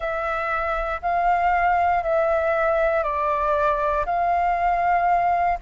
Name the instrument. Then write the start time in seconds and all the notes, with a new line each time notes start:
flute
0.00 E5
1.02 F5
2.03 E5
3.03 D5
4.05 F5